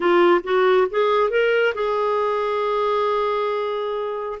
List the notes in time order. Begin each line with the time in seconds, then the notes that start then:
0.00 F4
0.43 F#4
0.90 G#4
1.30 A#4
1.74 G#4